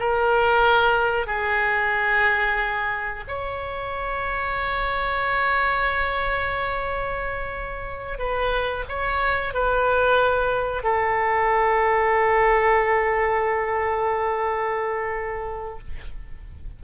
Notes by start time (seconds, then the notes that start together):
0.00 A#4
1.27 G#4
3.28 C#5
8.19 B4
8.89 C#5
9.54 B4
10.84 A4